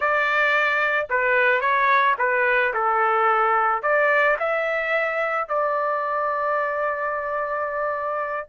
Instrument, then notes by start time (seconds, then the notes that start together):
trumpet
0.00 D5
1.09 B4
1.60 C#5
2.18 B4
2.73 A4
3.82 D5
4.39 E5
5.48 D5